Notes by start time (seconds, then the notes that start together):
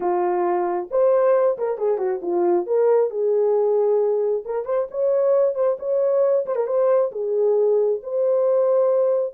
0.00 F4
0.91 C5
1.57 A#4
1.78 G#4
1.98 F#4
2.22 F4
2.66 A#4
3.10 G#4
4.45 A#4
4.65 C5
4.91 C#5
5.54 C5
5.79 C#5
6.45 C5
6.55 A#4
6.66 C5
7.11 G#4
8.02 C5